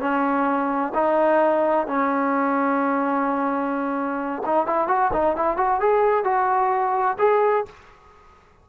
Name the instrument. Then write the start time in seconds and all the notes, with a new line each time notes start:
trombone
0.00 C#4
0.95 D#4
1.87 C#4
4.46 D#4
4.67 E4
4.88 F#4
5.13 D#4
5.37 E4
5.57 F#4
5.81 G#4
6.25 F#4
7.19 G#4